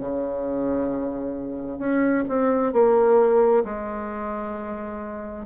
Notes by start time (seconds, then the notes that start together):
0.00 C#3
1.79 C#4
2.29 C4
2.73 A#3
3.64 G#3